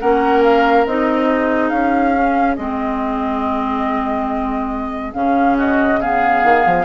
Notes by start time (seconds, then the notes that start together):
0.00 A#3 C#4 A#4 F#5
0.43 F5
0.86 C4 D#4 D#5
1.29 G#4
1.70 C#4 F5
2.15 C#4
2.56 G#3 C4 D#5
5.14 C#3 C#4 F5
5.57 F#4 D#5
6.01 B3 G#4 F5
6.44 D#3
6.67 F3